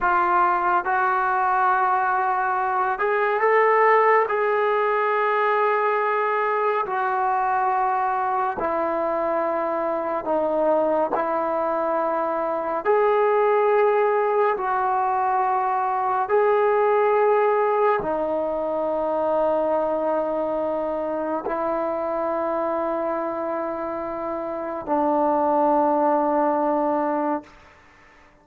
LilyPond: \new Staff \with { instrumentName = "trombone" } { \time 4/4 \tempo 4 = 70 f'4 fis'2~ fis'8 gis'8 | a'4 gis'2. | fis'2 e'2 | dis'4 e'2 gis'4~ |
gis'4 fis'2 gis'4~ | gis'4 dis'2.~ | dis'4 e'2.~ | e'4 d'2. | }